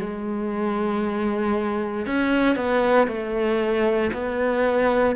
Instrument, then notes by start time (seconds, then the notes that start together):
cello
0.00 G#3
2.06 C#4
2.56 B3
3.08 A3
4.13 B3